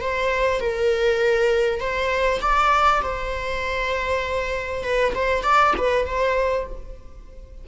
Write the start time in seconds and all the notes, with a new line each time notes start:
0.00 C5
0.60 A#4
1.80 C5
2.41 D5
3.02 C5
4.83 B4
5.14 C5
5.43 D5
5.77 B4
6.06 C5